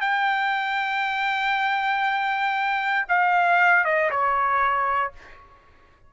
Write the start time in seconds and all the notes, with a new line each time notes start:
0.00 G5
3.08 F5
3.84 D#5
4.10 C#5